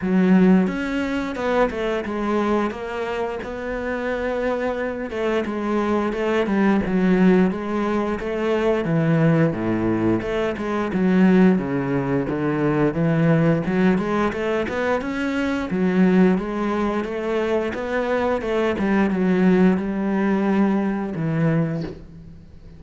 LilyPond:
\new Staff \with { instrumentName = "cello" } { \time 4/4 \tempo 4 = 88 fis4 cis'4 b8 a8 gis4 | ais4 b2~ b8 a8 | gis4 a8 g8 fis4 gis4 | a4 e4 a,4 a8 gis8 |
fis4 cis4 d4 e4 | fis8 gis8 a8 b8 cis'4 fis4 | gis4 a4 b4 a8 g8 | fis4 g2 e4 | }